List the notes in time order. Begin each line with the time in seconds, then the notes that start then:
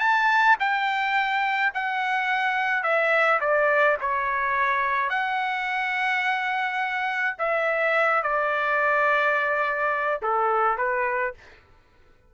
0.00 A5
0.60 G5
1.74 F#5
2.83 E5
3.41 D5
4.01 C#5
5.10 F#5
7.38 E5
8.23 D5
10.22 A4
10.78 B4